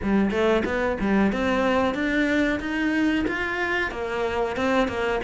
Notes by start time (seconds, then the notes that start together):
0.02 G3
0.30 A3
0.65 B3
1.00 G3
1.32 C4
1.94 D4
2.60 D#4
3.27 F4
3.91 A#3
4.56 C4
4.87 A#3